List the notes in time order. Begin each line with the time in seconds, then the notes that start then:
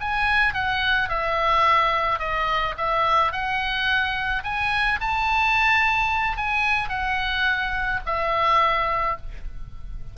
0.00 G#5
0.53 F#5
1.09 E5
2.19 D#5
2.77 E5
3.32 F#5
4.43 G#5
5.00 A5
6.37 G#5
6.89 F#5
8.06 E5